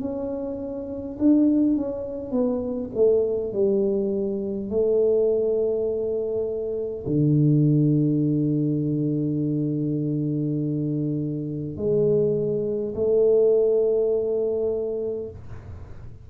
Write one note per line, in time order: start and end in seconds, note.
0.00 1.18 C#4
1.19 1.76 D4
1.76 2.31 C#4
2.31 2.90 B3
2.95 3.52 A3
3.52 4.70 G3
4.70 7.05 A3
7.06 11.76 D3
11.76 12.94 G#3
12.95 15.30 A3